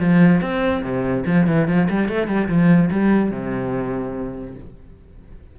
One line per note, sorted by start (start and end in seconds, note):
0.00 0.41 F3
0.41 0.83 C4
0.83 1.25 C3
1.27 1.47 F3
1.47 1.68 E3
1.68 1.89 F3
1.90 2.09 G3
2.09 2.28 A3
2.28 2.48 G3
2.49 2.90 F3
2.91 3.31 G3
3.31 4.55 C3